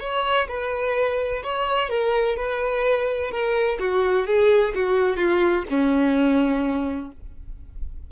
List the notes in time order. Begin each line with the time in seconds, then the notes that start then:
0.00 C#5
0.48 B4
1.44 C#5
1.90 A#4
2.37 B4
3.31 A#4
3.79 F#4
4.27 G#4
4.75 F#4
5.17 F4
5.70 C#4